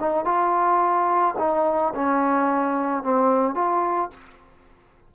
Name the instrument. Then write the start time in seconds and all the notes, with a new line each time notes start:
trombone
0.00 D#4
0.25 F4
1.39 D#4
1.95 C#4
3.04 C4
3.55 F4